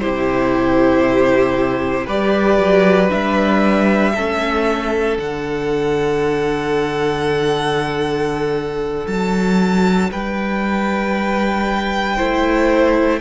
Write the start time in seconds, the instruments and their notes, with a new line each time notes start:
0.00 cello C3, viola E4, violin G4 C5
2.06 cello G3, viola G4, violin B4 D5
2.59 cello F#3
3.10 cello G3, viola D4, violin E5
4.15 cello A3, viola C#4, violin A4
5.18 cello D3, viola D4, violin F#5
9.07 cello F#3, violin A5
10.12 cello G3, violin B4 G5
12.16 cello A3, viola E4, violin C5